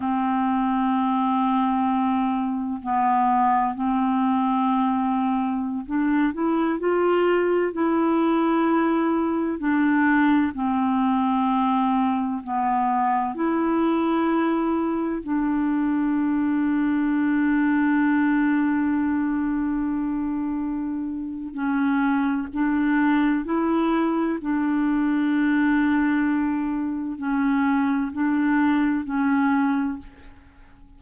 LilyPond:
\new Staff \with { instrumentName = "clarinet" } { \time 4/4 \tempo 4 = 64 c'2. b4 | c'2~ c'16 d'8 e'8 f'8.~ | f'16 e'2 d'4 c'8.~ | c'4~ c'16 b4 e'4.~ e'16~ |
e'16 d'2.~ d'8.~ | d'2. cis'4 | d'4 e'4 d'2~ | d'4 cis'4 d'4 cis'4 | }